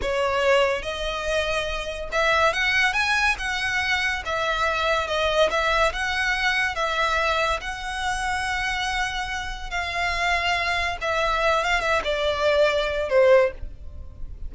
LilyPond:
\new Staff \with { instrumentName = "violin" } { \time 4/4 \tempo 4 = 142 cis''2 dis''2~ | dis''4 e''4 fis''4 gis''4 | fis''2 e''2 | dis''4 e''4 fis''2 |
e''2 fis''2~ | fis''2. f''4~ | f''2 e''4. f''8 | e''8 d''2~ d''8 c''4 | }